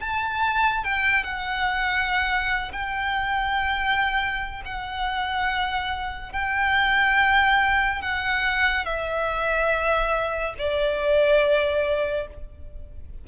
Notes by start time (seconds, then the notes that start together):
0.00 A5
0.85 G5
1.24 F#5
2.73 G5
4.66 F#5
6.33 G5
8.02 F#5
8.85 E5
10.59 D5